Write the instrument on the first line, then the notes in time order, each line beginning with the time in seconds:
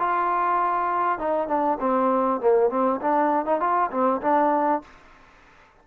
trombone
0.00 F4
1.19 D#4
1.48 D4
1.80 C4
2.41 A#3
2.70 C4
3.01 D4
3.46 D#4
3.60 F4
3.91 C4
4.22 D4